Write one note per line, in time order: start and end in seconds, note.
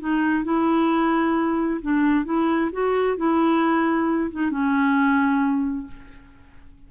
0.00 0.44 D#4
0.44 1.81 E4
1.81 2.25 D4
2.25 2.70 E4
2.72 3.17 F#4
3.17 4.31 E4
4.31 4.51 D#4
4.51 5.87 C#4